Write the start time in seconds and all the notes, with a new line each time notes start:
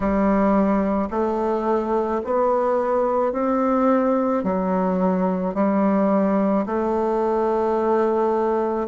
0.00 G3
1.10 A3
2.24 B3
3.32 C4
4.43 F#3
5.54 G3
6.66 A3